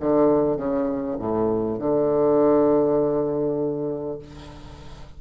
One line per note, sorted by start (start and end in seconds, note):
0.00 0.57 D3
0.57 1.17 C#3
1.18 1.78 A2
1.79 4.19 D3